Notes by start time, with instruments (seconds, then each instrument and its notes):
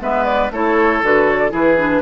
0.00 bassoon G#3, clarinet B3, oboe B4, flute E5
0.24 flute D5
0.51 bassoon A3, clarinet E4, oboe A4, flute C#5
1.03 bassoon D3, clarinet F#4, flute B4
1.30 flute C#5
1.37 flute D5
1.49 bassoon E3, clarinet E4, oboe G#4, flute B4
1.77 clarinet D4